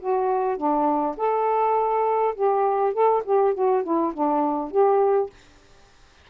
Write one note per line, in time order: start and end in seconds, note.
0.00 0.57 F#4
0.57 1.16 D4
1.17 2.35 A4
2.35 2.93 G4
2.93 3.23 A4
3.25 3.54 G4
3.54 3.84 F#4
3.84 4.13 E4
4.14 4.71 D4
4.71 5.30 G4